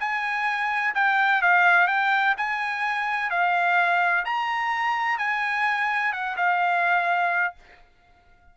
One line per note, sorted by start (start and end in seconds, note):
0.00 0.94 G#5
0.95 1.42 G5
1.42 1.88 F5
1.88 2.35 G5
2.38 3.30 G#5
3.30 4.25 F5
4.25 5.18 A#5
5.18 6.12 G#5
6.13 6.36 F#5
6.37 7.55 F5